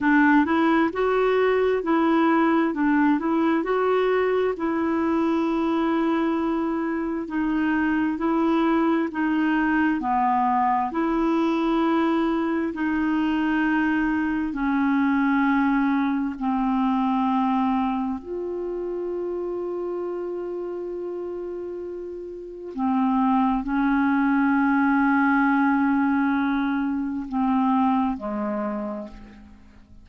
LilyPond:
\new Staff \with { instrumentName = "clarinet" } { \time 4/4 \tempo 4 = 66 d'8 e'8 fis'4 e'4 d'8 e'8 | fis'4 e'2. | dis'4 e'4 dis'4 b4 | e'2 dis'2 |
cis'2 c'2 | f'1~ | f'4 c'4 cis'2~ | cis'2 c'4 gis4 | }